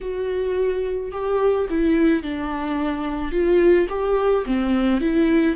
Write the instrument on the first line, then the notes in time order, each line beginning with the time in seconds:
viola
0.00 F#4
1.11 G4
1.69 E4
2.22 D4
3.31 F4
3.89 G4
4.45 C4
5.00 E4